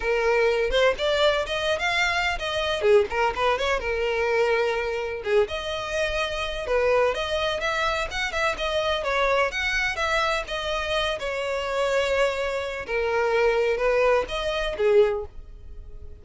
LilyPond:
\new Staff \with { instrumentName = "violin" } { \time 4/4 \tempo 4 = 126 ais'4. c''8 d''4 dis''8. f''16~ | f''4 dis''4 gis'8 ais'8 b'8 cis''8 | ais'2. gis'8 dis''8~ | dis''2 b'4 dis''4 |
e''4 fis''8 e''8 dis''4 cis''4 | fis''4 e''4 dis''4. cis''8~ | cis''2. ais'4~ | ais'4 b'4 dis''4 gis'4 | }